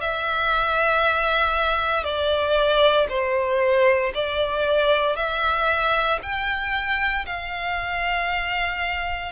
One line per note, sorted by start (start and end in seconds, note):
0.00 2.04 E5
2.04 3.07 D5
3.09 4.12 C5
4.14 5.16 D5
5.16 6.19 E5
6.22 7.26 G5
7.26 9.32 F5